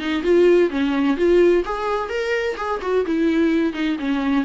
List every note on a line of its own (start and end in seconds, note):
0.00 0.23 D#4
0.23 0.70 F4
0.71 1.17 C#4
1.17 1.64 F4
1.66 2.10 G#4
2.10 2.57 A#4
2.57 2.81 G#4
2.82 3.06 F#4
3.06 3.74 E4
3.74 3.97 D#4
3.99 4.45 C#4